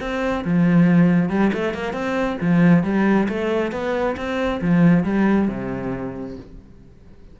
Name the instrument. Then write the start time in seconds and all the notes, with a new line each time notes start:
cello
0.00 C4
0.44 F3
1.29 G3
1.53 A3
1.74 A#3
1.93 C4
2.41 F3
2.84 G3
3.28 A3
3.72 B3
4.17 C4
4.61 F3
5.04 G3
5.48 C3